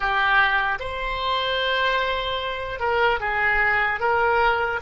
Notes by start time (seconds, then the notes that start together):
0.00 G4
0.79 C5
2.79 A#4
3.20 G#4
4.00 A#4